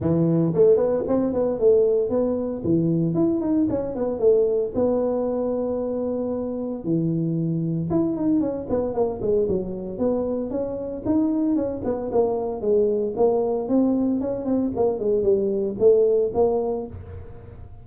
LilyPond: \new Staff \with { instrumentName = "tuba" } { \time 4/4 \tempo 4 = 114 e4 a8 b8 c'8 b8 a4 | b4 e4 e'8 dis'8 cis'8 b8 | a4 b2.~ | b4 e2 e'8 dis'8 |
cis'8 b8 ais8 gis8 fis4 b4 | cis'4 dis'4 cis'8 b8 ais4 | gis4 ais4 c'4 cis'8 c'8 | ais8 gis8 g4 a4 ais4 | }